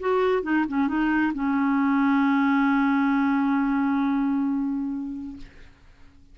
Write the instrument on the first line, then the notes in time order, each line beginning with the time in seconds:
clarinet
0.00 F#4
0.43 D#4
0.68 C#4
0.88 D#4
1.34 C#4